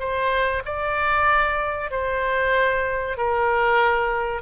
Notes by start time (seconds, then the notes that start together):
0.00 C5
0.66 D5
1.91 C5
3.18 A#4